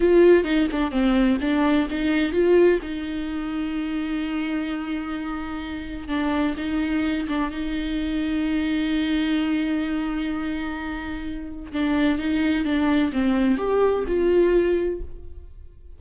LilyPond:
\new Staff \with { instrumentName = "viola" } { \time 4/4 \tempo 4 = 128 f'4 dis'8 d'8 c'4 d'4 | dis'4 f'4 dis'2~ | dis'1~ | dis'4 d'4 dis'4. d'8 |
dis'1~ | dis'1~ | dis'4 d'4 dis'4 d'4 | c'4 g'4 f'2 | }